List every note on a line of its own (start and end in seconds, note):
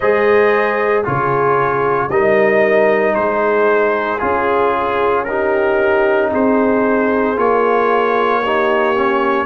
0.00 1.06 G#3
0.00 1.04 G#4
0.00 1.05 C5
0.00 1.03 D#5
1.04 2.08 C#3
1.04 2.09 F4
1.04 2.10 G#4
1.04 2.10 C#5
2.08 3.13 G3
2.08 4.19 D#4
2.08 3.15 A#4
2.08 3.14 D#5
3.14 4.21 G#3
3.14 5.25 G#4
3.14 4.18 C5
4.18 6.32 C#4
4.18 5.24 F4
4.18 5.24 G#4
5.24 7.36 D#4
5.24 6.30 G4
5.24 6.29 A#4
6.30 7.37 C4
6.30 8.41 G#4
6.30 7.38 C5
7.36 9.46 A#3
7.36 8.41 F4
7.36 9.46 C#5
8.42 8.94 D#4
8.42 9.46 G4
8.94 9.46 C#4